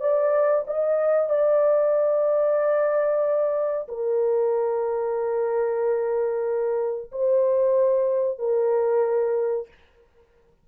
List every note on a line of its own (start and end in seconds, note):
0.00 0.65 D5
0.67 1.29 D#5
1.29 3.87 D5
3.88 7.11 A#4
7.12 8.38 C5
8.38 9.67 A#4